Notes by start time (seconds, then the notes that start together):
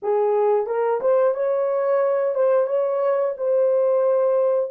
0.02 G#4
0.66 A#4
1.00 C5
1.34 C#5
2.34 C5
2.67 C#5
3.37 C5